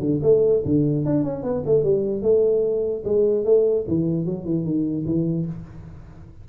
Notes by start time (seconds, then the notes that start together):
0.00 D3
0.22 A3
0.65 D3
1.05 D4
1.24 C#4
1.43 B3
1.65 A3
1.83 G3
2.22 A3
3.04 G#3
3.44 A3
3.87 E3
4.25 F#3
4.44 E3
4.65 D#3
5.05 E3